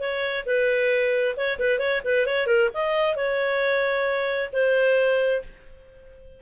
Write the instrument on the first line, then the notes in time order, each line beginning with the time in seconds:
clarinet
0.00 C#5
0.46 B4
1.37 C#5
1.59 B4
1.79 C#5
2.05 B4
2.26 C#5
2.47 A#4
2.74 D#5
3.16 C#5
4.53 C5